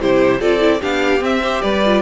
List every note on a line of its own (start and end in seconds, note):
0.00 0.40 C3
0.00 0.40 E4
0.00 0.40 G4
0.00 0.41 C5
0.40 0.81 C4
0.40 0.59 F4
0.40 0.80 A4
0.40 0.82 D5
0.59 0.80 E4
0.80 1.20 B3
0.80 1.20 D4
0.80 1.41 G4
0.80 1.23 F5
1.20 1.40 C4
1.20 1.61 C4
1.20 1.61 E5
1.42 1.83 G4
1.42 1.62 C5
1.61 2.02 G3
1.61 2.02 B4
1.61 2.02 D5
1.85 2.02 F4